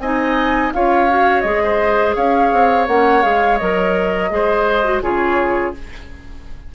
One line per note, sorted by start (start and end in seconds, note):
0.00 0.71 C4
0.00 0.74 D#4
0.00 0.74 D#5
0.00 0.72 G#5
0.74 1.44 C#4
0.74 1.10 F4
0.74 1.64 C#5
0.74 1.42 F5
1.10 1.45 F#4
1.42 2.16 G#3
1.42 2.88 G#4
1.42 2.13 D#5
1.64 2.16 C5
2.16 2.53 C#4
2.16 4.30 C#5
2.16 2.88 F5
2.53 2.89 C4
2.88 3.24 A#3
2.88 3.23 C#4
2.88 3.23 F#5
3.23 3.61 G#3
3.23 3.58 G#4
3.23 3.58 F5
3.58 4.31 F#3
3.58 4.31 A#4
3.58 5.01 D#5
4.31 5.03 G#3
4.31 4.84 G#4
4.31 5.04 C5
4.84 5.02 F#4
5.03 5.74 C#3
5.03 5.74 F4
5.03 5.75 G#4
5.03 5.75 C#5